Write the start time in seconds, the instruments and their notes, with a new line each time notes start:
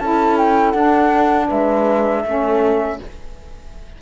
0.00 cello C#4, saxophone E4, horn A4, flute A5
0.38 flute G5
0.71 cello D4, saxophone D4, flute F#5
1.48 cello G#3, horn B4, flute E5
2.25 cello A3, saxophone C#4, horn A4